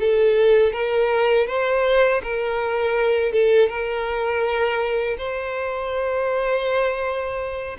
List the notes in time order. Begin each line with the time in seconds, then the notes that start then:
0.00 A4
0.73 A#4
1.47 C5
2.23 A#4
3.32 A4
3.69 A#4
5.18 C5